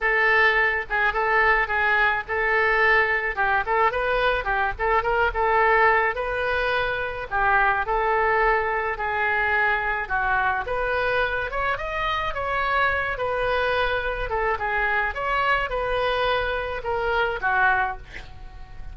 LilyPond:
\new Staff \with { instrumentName = "oboe" } { \time 4/4 \tempo 4 = 107 a'4. gis'8 a'4 gis'4 | a'2 g'8 a'8 b'4 | g'8 a'8 ais'8 a'4. b'4~ | b'4 g'4 a'2 |
gis'2 fis'4 b'4~ | b'8 cis''8 dis''4 cis''4. b'8~ | b'4. a'8 gis'4 cis''4 | b'2 ais'4 fis'4 | }